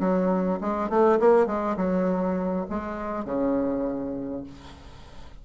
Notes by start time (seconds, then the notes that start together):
0.00 F#3
0.60 G#3
0.89 A3
1.20 A#3
1.46 G#3
1.77 F#3
2.69 G#3
3.25 C#3